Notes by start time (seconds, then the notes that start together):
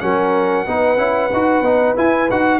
0.00 F#3 C#4 A#4 F#5
0.65 B3 D#4 B4
0.97 C#4 E4
1.32 D#4 F#4
1.61 B3 D#4
1.96 E4 G#5
2.30 D#4 F#4 F#5